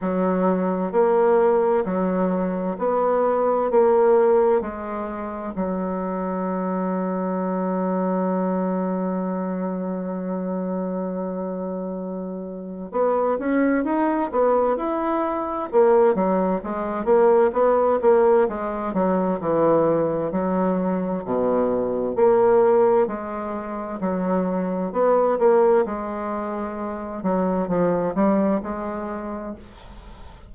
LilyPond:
\new Staff \with { instrumentName = "bassoon" } { \time 4/4 \tempo 4 = 65 fis4 ais4 fis4 b4 | ais4 gis4 fis2~ | fis1~ | fis2 b8 cis'8 dis'8 b8 |
e'4 ais8 fis8 gis8 ais8 b8 ais8 | gis8 fis8 e4 fis4 b,4 | ais4 gis4 fis4 b8 ais8 | gis4. fis8 f8 g8 gis4 | }